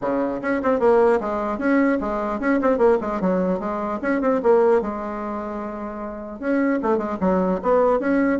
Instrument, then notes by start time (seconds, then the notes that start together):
bassoon
0.01 C#3
0.41 C#4
0.62 C4
0.79 A#3
1.20 G#3
1.58 C#4
2.00 G#3
2.40 C#4
2.61 C4
2.77 A#3
3.00 G#3
3.20 F#3
3.59 G#3
4.02 C#4
4.21 C4
4.42 A#3
4.81 G#3
6.39 C#4
6.82 A3
6.97 G#3
7.20 F#3
7.62 B3
7.99 C#4